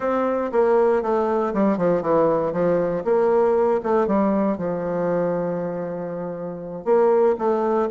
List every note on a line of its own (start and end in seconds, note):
0.00 0.51 C4
0.52 1.02 A#3
1.02 1.53 A3
1.53 1.77 G3
1.77 2.02 F3
2.02 2.52 E3
2.52 3.03 F3
3.04 3.80 A#3
3.83 4.07 A3
4.07 4.57 G3
4.57 6.85 F3
6.85 7.35 A#3
7.38 7.89 A3